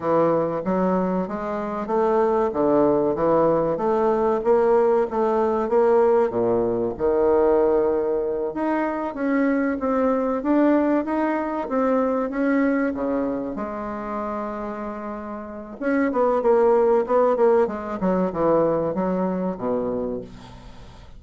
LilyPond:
\new Staff \with { instrumentName = "bassoon" } { \time 4/4 \tempo 4 = 95 e4 fis4 gis4 a4 | d4 e4 a4 ais4 | a4 ais4 ais,4 dis4~ | dis4. dis'4 cis'4 c'8~ |
c'8 d'4 dis'4 c'4 cis'8~ | cis'8 cis4 gis2~ gis8~ | gis4 cis'8 b8 ais4 b8 ais8 | gis8 fis8 e4 fis4 b,4 | }